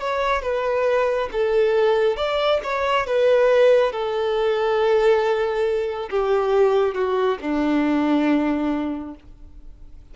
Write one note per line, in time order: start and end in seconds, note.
0.00 0.42 C#5
0.42 1.29 B4
1.32 2.17 A4
2.17 2.60 D5
2.63 3.06 C#5
3.06 3.92 B4
3.92 6.09 A4
6.10 6.94 G4
6.94 7.38 F#4
7.41 9.15 D4